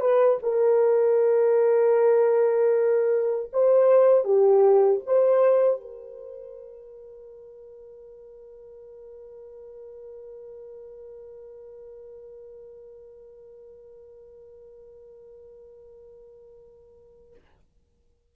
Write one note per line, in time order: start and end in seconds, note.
0.00 0.38 B4
0.42 3.50 A#4
3.52 4.24 C5
4.24 5.01 G4
5.06 5.80 C5
5.80 17.34 A#4